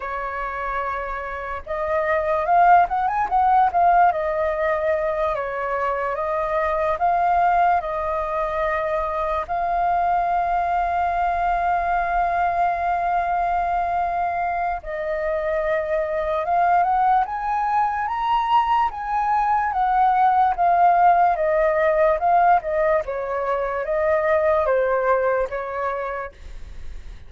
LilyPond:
\new Staff \with { instrumentName = "flute" } { \time 4/4 \tempo 4 = 73 cis''2 dis''4 f''8 fis''16 gis''16 | fis''8 f''8 dis''4. cis''4 dis''8~ | dis''8 f''4 dis''2 f''8~ | f''1~ |
f''2 dis''2 | f''8 fis''8 gis''4 ais''4 gis''4 | fis''4 f''4 dis''4 f''8 dis''8 | cis''4 dis''4 c''4 cis''4 | }